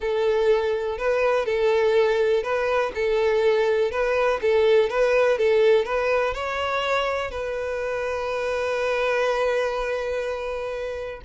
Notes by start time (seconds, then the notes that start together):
0.00 A4
0.98 B4
1.45 A4
2.43 B4
2.94 A4
3.91 B4
4.41 A4
4.89 B4
5.38 A4
5.85 B4
6.33 C#5
7.30 B4